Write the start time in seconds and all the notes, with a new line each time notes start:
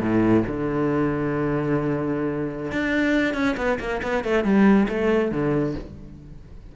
0.00 A2
0.47 D3
2.72 D4
3.34 C#4
3.57 B3
3.79 A#3
4.02 B3
4.24 A3
4.44 G3
4.88 A3
5.31 D3